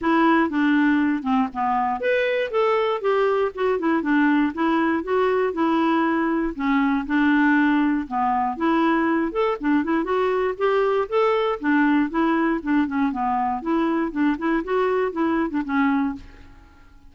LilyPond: \new Staff \with { instrumentName = "clarinet" } { \time 4/4 \tempo 4 = 119 e'4 d'4. c'8 b4 | b'4 a'4 g'4 fis'8 e'8 | d'4 e'4 fis'4 e'4~ | e'4 cis'4 d'2 |
b4 e'4. a'8 d'8 e'8 | fis'4 g'4 a'4 d'4 | e'4 d'8 cis'8 b4 e'4 | d'8 e'8 fis'4 e'8. d'16 cis'4 | }